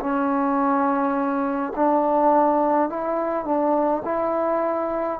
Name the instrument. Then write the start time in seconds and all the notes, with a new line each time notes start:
trombone
0.00 C#4
1.76 D4
2.90 E4
3.45 D4
4.04 E4